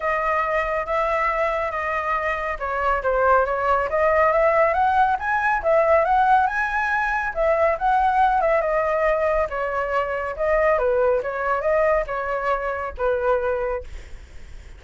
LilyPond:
\new Staff \with { instrumentName = "flute" } { \time 4/4 \tempo 4 = 139 dis''2 e''2 | dis''2 cis''4 c''4 | cis''4 dis''4 e''4 fis''4 | gis''4 e''4 fis''4 gis''4~ |
gis''4 e''4 fis''4. e''8 | dis''2 cis''2 | dis''4 b'4 cis''4 dis''4 | cis''2 b'2 | }